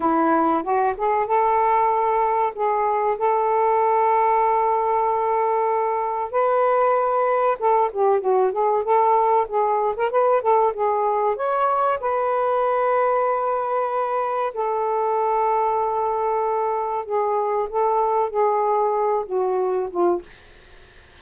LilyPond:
\new Staff \with { instrumentName = "saxophone" } { \time 4/4 \tempo 4 = 95 e'4 fis'8 gis'8 a'2 | gis'4 a'2.~ | a'2 b'2 | a'8 g'8 fis'8 gis'8 a'4 gis'8. ais'16 |
b'8 a'8 gis'4 cis''4 b'4~ | b'2. a'4~ | a'2. gis'4 | a'4 gis'4. fis'4 f'8 | }